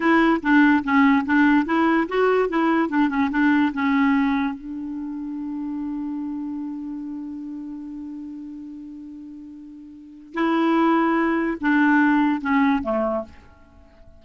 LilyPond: \new Staff \with { instrumentName = "clarinet" } { \time 4/4 \tempo 4 = 145 e'4 d'4 cis'4 d'4 | e'4 fis'4 e'4 d'8 cis'8 | d'4 cis'2 d'4~ | d'1~ |
d'1~ | d'1~ | d'4 e'2. | d'2 cis'4 a4 | }